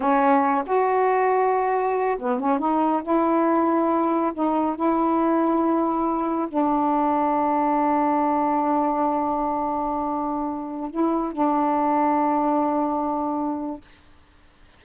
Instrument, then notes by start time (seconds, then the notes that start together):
saxophone
0.00 C#4
0.66 F#4
2.18 B3
2.39 C#4
2.59 D#4
3.02 E4
4.33 D#4
4.75 E4
6.48 D4
10.90 E4
11.32 D4